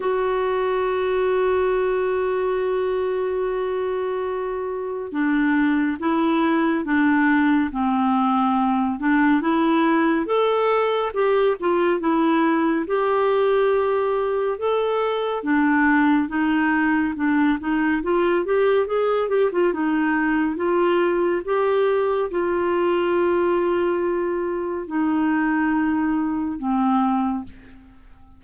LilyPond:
\new Staff \with { instrumentName = "clarinet" } { \time 4/4 \tempo 4 = 70 fis'1~ | fis'2 d'4 e'4 | d'4 c'4. d'8 e'4 | a'4 g'8 f'8 e'4 g'4~ |
g'4 a'4 d'4 dis'4 | d'8 dis'8 f'8 g'8 gis'8 g'16 f'16 dis'4 | f'4 g'4 f'2~ | f'4 dis'2 c'4 | }